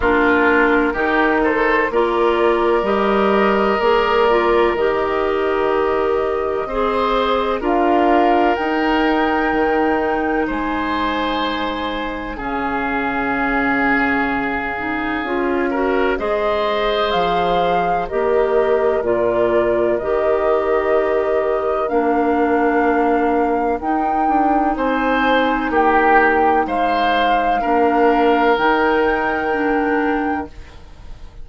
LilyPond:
<<
  \new Staff \with { instrumentName = "flute" } { \time 4/4 \tempo 4 = 63 ais'4. c''8 d''4 dis''4 | d''4 dis''2. | f''4 g''2 gis''4~ | gis''4 f''2.~ |
f''4 dis''4 f''4 dis''4 | d''4 dis''2 f''4~ | f''4 g''4 gis''4 g''4 | f''2 g''2 | }
  \new Staff \with { instrumentName = "oboe" } { \time 4/4 f'4 g'8 a'8 ais'2~ | ais'2. c''4 | ais'2. c''4~ | c''4 gis'2.~ |
gis'8 ais'8 c''2 ais'4~ | ais'1~ | ais'2 c''4 g'4 | c''4 ais'2. | }
  \new Staff \with { instrumentName = "clarinet" } { \time 4/4 d'4 dis'4 f'4 g'4 | gis'8 f'8 g'2 gis'4 | f'4 dis'2.~ | dis'4 cis'2~ cis'8 dis'8 |
f'8 fis'8 gis'2 g'4 | f'4 g'2 d'4~ | d'4 dis'2.~ | dis'4 d'4 dis'4 d'4 | }
  \new Staff \with { instrumentName = "bassoon" } { \time 4/4 ais4 dis4 ais4 g4 | ais4 dis2 c'4 | d'4 dis'4 dis4 gis4~ | gis4 cis2. |
cis'4 gis4 f4 ais4 | ais,4 dis2 ais4~ | ais4 dis'8 d'8 c'4 ais4 | gis4 ais4 dis2 | }
>>